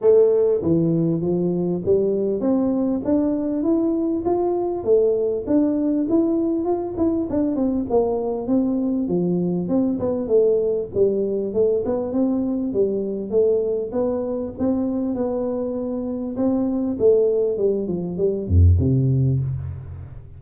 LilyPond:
\new Staff \with { instrumentName = "tuba" } { \time 4/4 \tempo 4 = 99 a4 e4 f4 g4 | c'4 d'4 e'4 f'4 | a4 d'4 e'4 f'8 e'8 | d'8 c'8 ais4 c'4 f4 |
c'8 b8 a4 g4 a8 b8 | c'4 g4 a4 b4 | c'4 b2 c'4 | a4 g8 f8 g8 f,8 c4 | }